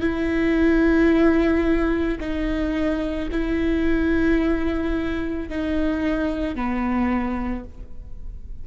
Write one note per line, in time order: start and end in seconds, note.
0.00 2.18 E4
2.20 3.29 D#4
3.31 5.49 E4
5.49 6.55 D#4
6.55 7.64 B3